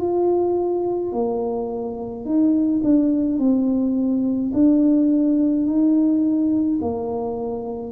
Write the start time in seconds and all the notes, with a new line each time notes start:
0.00 F4
1.12 A#3
2.25 D#4
2.84 D4
3.39 C4
4.53 D4
5.66 D#4
6.81 A#3